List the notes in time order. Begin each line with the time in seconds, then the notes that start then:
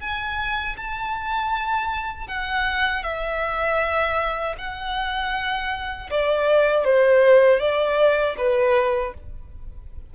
0.00 G#5
0.77 A5
2.28 F#5
3.03 E5
4.58 F#5
6.10 D5
6.85 C5
7.59 D5
8.38 B4